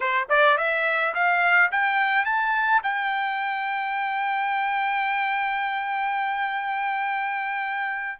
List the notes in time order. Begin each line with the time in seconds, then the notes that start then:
0.00 C5
0.29 D5
0.57 E5
1.14 F5
1.71 G5
2.25 A5
2.83 G5